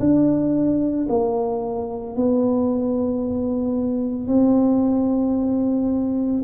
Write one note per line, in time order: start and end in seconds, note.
0.00 1.07 D4
1.10 2.17 A#3
2.17 4.28 B3
4.28 6.42 C4